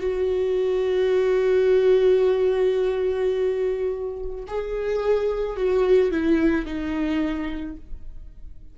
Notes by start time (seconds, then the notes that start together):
0.00 F#4
4.47 G#4
5.56 F#4
6.11 E4
6.65 D#4